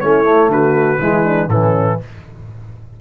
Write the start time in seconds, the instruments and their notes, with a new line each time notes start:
0.00 tuba A3, trombone C#4, horn E4, trumpet C#5
0.24 trombone A3
0.48 tuba D3, horn F#4, trumpet B4
0.99 tuba E3, trombone G#3, horn E4
1.24 horn D4
1.48 tuba A2, trombone E3, horn C#4, trumpet A4